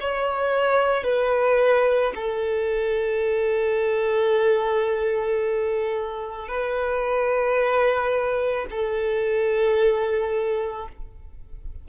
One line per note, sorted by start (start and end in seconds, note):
0.00 1.03 C#5
1.03 2.12 B4
2.15 6.48 A4
6.48 8.66 B4
8.70 10.88 A4